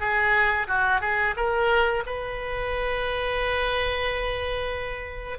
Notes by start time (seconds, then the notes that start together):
0.00 G#4
0.67 F#4
1.01 G#4
1.36 A#4
2.06 B4